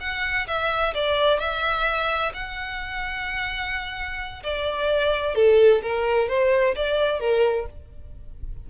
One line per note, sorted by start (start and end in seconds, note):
0.00 0.47 F#5
0.47 0.93 E5
0.94 1.39 D5
1.39 2.32 E5
2.33 4.43 F#5
4.43 5.35 D5
5.35 5.81 A4
5.82 6.28 A#4
6.28 6.75 C5
6.75 7.19 D5
7.19 7.66 A#4